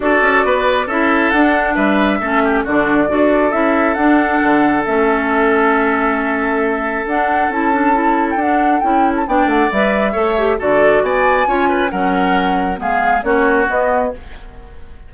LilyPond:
<<
  \new Staff \with { instrumentName = "flute" } { \time 4/4 \tempo 4 = 136 d''2 e''4 fis''4 | e''2 d''2 | e''4 fis''2 e''4~ | e''1 |
fis''4 a''4.~ a''16 g''16 fis''4 | g''8. a''16 g''8 fis''8 e''2 | d''4 gis''2 fis''4~ | fis''4 f''4 cis''4 dis''4 | }
  \new Staff \with { instrumentName = "oboe" } { \time 4/4 a'4 b'4 a'2 | b'4 a'8 g'8 fis'4 a'4~ | a'1~ | a'1~ |
a'1~ | a'4 d''2 cis''4 | a'4 d''4 cis''8 b'8 ais'4~ | ais'4 gis'4 fis'2 | }
  \new Staff \with { instrumentName = "clarinet" } { \time 4/4 fis'2 e'4 d'4~ | d'4 cis'4 d'4 fis'4 | e'4 d'2 cis'4~ | cis'1 |
d'4 e'8 d'8 e'4 d'4 | e'4 d'4 b'4 a'8 g'8 | fis'2 f'4 cis'4~ | cis'4 b4 cis'4 b4 | }
  \new Staff \with { instrumentName = "bassoon" } { \time 4/4 d'8 cis'8 b4 cis'4 d'4 | g4 a4 d4 d'4 | cis'4 d'4 d4 a4~ | a1 |
d'4 cis'2 d'4 | cis'4 b8 a8 g4 a4 | d4 b4 cis'4 fis4~ | fis4 gis4 ais4 b4 | }
>>